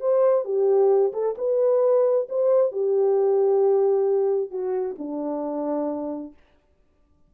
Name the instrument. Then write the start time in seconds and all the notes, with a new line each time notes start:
horn
0.00 C5
0.44 G4
1.13 A4
1.37 B4
2.29 C5
2.72 G4
4.50 F#4
4.98 D4